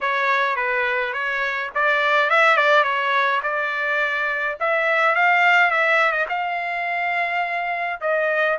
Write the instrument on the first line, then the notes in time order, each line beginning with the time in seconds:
trumpet
0.01 C#5
0.56 B4
1.13 C#5
1.74 D5
2.30 E5
2.57 D5
2.83 C#5
3.42 D5
4.60 E5
5.15 F5
5.70 E5
6.11 D#5
6.28 F5
8.01 D#5